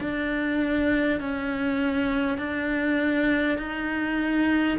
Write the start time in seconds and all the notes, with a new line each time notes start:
0.00 D4
1.19 C#4
2.37 D4
3.58 D#4